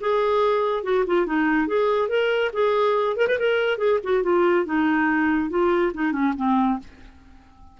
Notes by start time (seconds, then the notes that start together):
0.00 G#4
0.83 F#4
1.06 F4
1.26 D#4
1.67 G#4
2.08 A#4
2.53 G#4
3.17 A#4
3.28 B4
3.39 A#4
3.78 G#4
4.03 F#4
4.23 F4
4.65 D#4
5.50 F4
5.94 D#4
6.12 C#4
6.36 C4